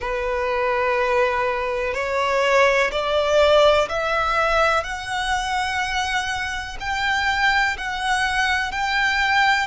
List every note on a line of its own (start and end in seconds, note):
0.00 1.94 B4
1.94 2.90 C#5
2.91 3.88 D5
3.88 4.83 E5
4.83 6.77 F#5
6.80 7.76 G5
7.77 8.71 F#5
8.71 9.67 G5